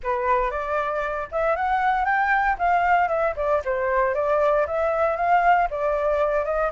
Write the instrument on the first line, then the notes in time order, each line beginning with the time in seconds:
flute
0.03 B4
0.51 D5
1.31 E5
1.56 F#5
2.05 G5
2.58 F5
3.08 E5
3.36 D5
3.65 C5
4.14 D5
4.66 E5
5.16 F5
5.70 D5
6.44 D#5